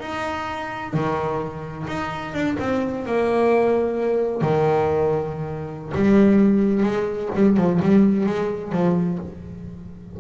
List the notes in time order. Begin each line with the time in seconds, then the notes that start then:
0.00 D#4
0.93 D#3
1.87 D#4
2.34 D4
2.59 C4
3.06 A#3
4.41 D#3
5.94 G3
6.83 G#3
7.35 G3
7.57 F3
7.82 G3
8.26 G#3
8.72 F3